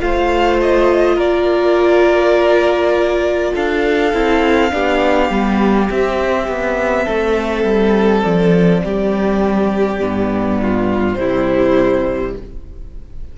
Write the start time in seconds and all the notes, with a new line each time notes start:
0.00 A3 F4 C5 F5
0.62 D#5
1.16 A#3 A#4 D5
3.55 D4 A4 F5
4.13 C4 E4
4.71 B3 D4 G4
5.30 G3 B3
5.89 C4 E5
6.48 B3
7.05 A3 A4
7.64 G3
8.23 F3 D5
8.84 G3 G4
10.00 G2 B3
10.62 F4
11.14 C3 E4 C5
11.21 G3